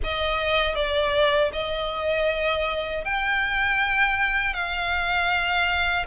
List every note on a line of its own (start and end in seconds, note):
0.03 0.75 D#5
0.75 1.51 D5
1.53 3.04 D#5
3.04 4.53 G5
4.53 6.05 F5